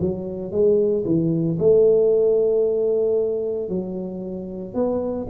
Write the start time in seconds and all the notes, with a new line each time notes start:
0.00 F#3
0.51 G#3
1.05 E3
1.59 A3
3.68 F#3
4.74 B3